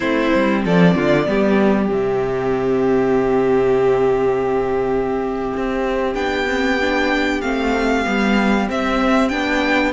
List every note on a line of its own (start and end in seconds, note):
0.00 0.32 A3
0.00 1.25 C4
0.00 0.62 E4
0.00 0.62 C5
0.34 0.65 G3
0.64 0.95 F3
0.64 0.95 A4
0.64 1.91 D5
0.95 1.27 D3
0.95 1.27 F4
1.25 1.88 G3
1.25 1.88 B3
1.25 9.93 G4
1.88 5.51 C3
1.88 6.14 C4
1.88 6.14 E5
5.56 6.14 C4
6.14 7.41 B3
6.14 6.45 D4
6.14 7.41 G5
6.47 6.78 C4
6.81 7.42 D4
7.41 8.05 A3
7.41 8.04 C4
7.41 8.67 F5
8.04 8.69 G3
8.04 8.67 B3
8.67 9.30 C4
8.67 9.32 C4
8.67 9.28 E5
9.28 9.93 B3
9.28 9.93 D4
9.28 9.92 G5